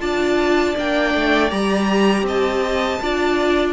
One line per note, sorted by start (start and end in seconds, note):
0.00 0.75 D4
0.00 0.75 F4
0.00 2.25 D5
0.00 0.75 A5
0.76 1.14 A#3
0.76 1.50 D4
0.76 1.50 G5
1.14 1.51 A3
1.50 2.22 G3
1.50 3.00 G4
1.50 2.25 A#5
2.22 2.97 C4
2.22 3.01 D#5
2.22 3.72 A5
3.02 3.72 D4
3.02 3.72 F4
3.02 3.72 D5